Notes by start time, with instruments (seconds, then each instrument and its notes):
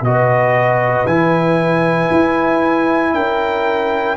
0.00 tuba B2, trombone F#4, horn B4, trumpet D#5
1.06 tuba E3, trombone E4, trumpet G#5
2.10 tuba E4
3.13 tuba C#4, horn A#4, trumpet G5